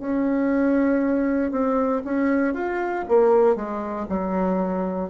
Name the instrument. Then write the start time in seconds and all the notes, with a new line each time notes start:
bassoon
0.00 C#4
1.51 C4
2.05 C#4
2.54 F4
3.08 A#3
3.56 G#3
4.09 F#3